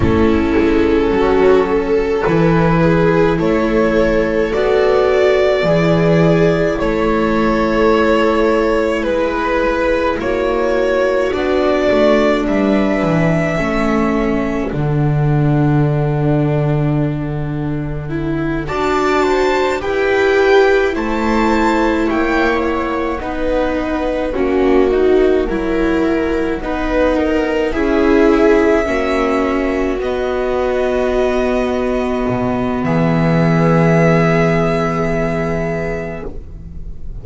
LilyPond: <<
  \new Staff \with { instrumentName = "violin" } { \time 4/4 \tempo 4 = 53 a'2 b'4 cis''4 | d''2 cis''2 | b'4 cis''4 d''4 e''4~ | e''4 fis''2.~ |
fis''8 a''4 g''4 a''4 g''8 | fis''1~ | fis''8 e''2 dis''4.~ | dis''4 e''2. | }
  \new Staff \with { instrumentName = "viola" } { \time 4/4 e'4 fis'8 a'4 gis'8 a'4~ | a'4 gis'4 a'2 | b'4 fis'2 b'4 | a'1~ |
a'8 d''8 c''8 b'4 c''4 cis''8~ | cis''8 b'4 fis'4 ais'4 b'8 | ais'8 gis'4 fis'2~ fis'8~ | fis'4 gis'2. | }
  \new Staff \with { instrumentName = "viola" } { \time 4/4 cis'2 e'2 | fis'4 e'2.~ | e'2 d'2 | cis'4 d'2. |
e'8 fis'4 g'4 e'4.~ | e'8 dis'4 cis'8 dis'8 e'4 dis'8~ | dis'8 e'4 cis'4 b4.~ | b1 | }
  \new Staff \with { instrumentName = "double bass" } { \time 4/4 a8 gis8 fis4 e4 a4 | b4 e4 a2 | gis4 ais4 b8 a8 g8 e8 | a4 d2.~ |
d8 d'4 e'4 a4 ais8~ | ais8 b4 ais4 fis4 b8~ | b8 cis'4 ais4 b4.~ | b8 b,8 e2. | }
>>